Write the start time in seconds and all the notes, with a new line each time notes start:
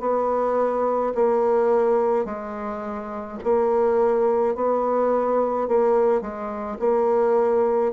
0.00 B3
1.15 A#3
2.25 G#3
3.44 A#3
4.55 B3
5.68 A#3
6.21 G#3
6.79 A#3